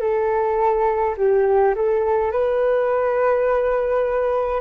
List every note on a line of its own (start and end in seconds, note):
0.00 1.15 A4
1.17 1.75 G4
1.75 2.31 A4
2.31 4.60 B4